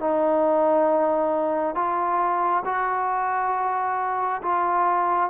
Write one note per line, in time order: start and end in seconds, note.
0.00 1.75 D#4
1.75 2.64 F4
2.65 4.42 F#4
4.42 5.30 F4